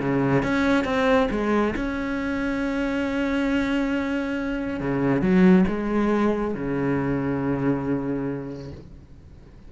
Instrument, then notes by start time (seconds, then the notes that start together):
cello
0.00 C#3
0.43 C#4
0.85 C4
1.31 G#3
1.76 C#4
4.80 C#3
5.22 F#3
5.68 G#3
6.55 C#3